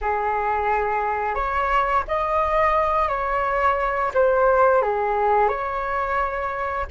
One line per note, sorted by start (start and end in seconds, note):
0.01 1.34 G#4
1.34 2.03 C#5
2.07 3.08 D#5
3.08 4.12 C#5
4.13 4.82 C5
4.82 5.48 G#4
5.48 6.86 C#5